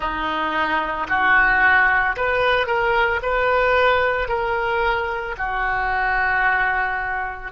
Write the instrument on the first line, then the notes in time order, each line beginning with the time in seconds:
oboe
0.00 D#4
1.09 F#4
2.16 B4
2.66 A#4
3.22 B4
4.28 A#4
5.37 F#4